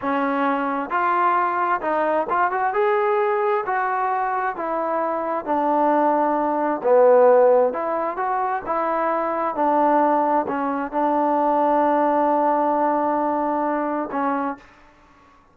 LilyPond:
\new Staff \with { instrumentName = "trombone" } { \time 4/4 \tempo 4 = 132 cis'2 f'2 | dis'4 f'8 fis'8 gis'2 | fis'2 e'2 | d'2. b4~ |
b4 e'4 fis'4 e'4~ | e'4 d'2 cis'4 | d'1~ | d'2. cis'4 | }